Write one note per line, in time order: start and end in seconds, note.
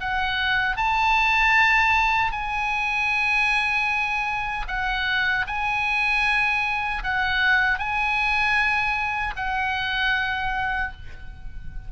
0.00 0.77 F#5
0.77 2.32 A5
2.32 4.65 G#5
4.68 5.45 F#5
5.47 7.03 G#5
7.03 7.78 F#5
7.78 9.34 G#5
9.36 10.92 F#5